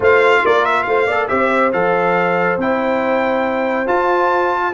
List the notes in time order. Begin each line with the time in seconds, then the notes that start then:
0.00 A3 F4 C5 F5
0.44 A#3 A#4 D5
0.65 E5
0.83 A3 C5 F5
1.07 A#3 A4 D5
1.28 C4 G4 C5 E5
1.72 F3 A4 F5
2.57 C4 E4 G5
3.86 F4 A5